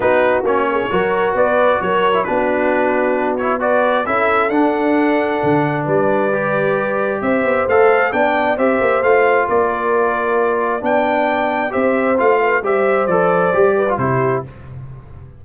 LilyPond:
<<
  \new Staff \with { instrumentName = "trumpet" } { \time 4/4 \tempo 4 = 133 b'4 cis''2 d''4 | cis''4 b'2~ b'8 cis''8 | d''4 e''4 fis''2~ | fis''4 d''2. |
e''4 f''4 g''4 e''4 | f''4 d''2. | g''2 e''4 f''4 | e''4 d''2 c''4 | }
  \new Staff \with { instrumentName = "horn" } { \time 4/4 fis'4. gis'8 ais'4 b'4 | ais'4 fis'2. | b'4 a'2.~ | a'4 b'2. |
c''2 d''4 c''4~ | c''4 ais'2. | d''2 c''4. b'8 | c''2~ c''8 b'8 g'4 | }
  \new Staff \with { instrumentName = "trombone" } { \time 4/4 dis'4 cis'4 fis'2~ | fis'8. e'16 d'2~ d'8 e'8 | fis'4 e'4 d'2~ | d'2 g'2~ |
g'4 a'4 d'4 g'4 | f'1 | d'2 g'4 f'4 | g'4 a'4 g'8. f'16 e'4 | }
  \new Staff \with { instrumentName = "tuba" } { \time 4/4 b4 ais4 fis4 b4 | fis4 b2.~ | b4 cis'4 d'2 | d4 g2. |
c'8 b8 a4 b4 c'8 ais8 | a4 ais2. | b2 c'4 a4 | g4 f4 g4 c4 | }
>>